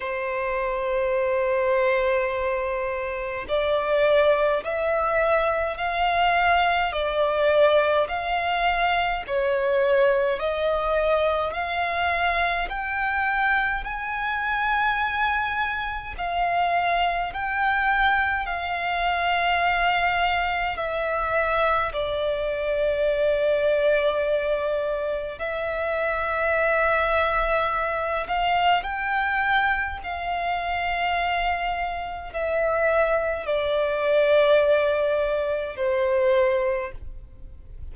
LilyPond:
\new Staff \with { instrumentName = "violin" } { \time 4/4 \tempo 4 = 52 c''2. d''4 | e''4 f''4 d''4 f''4 | cis''4 dis''4 f''4 g''4 | gis''2 f''4 g''4 |
f''2 e''4 d''4~ | d''2 e''2~ | e''8 f''8 g''4 f''2 | e''4 d''2 c''4 | }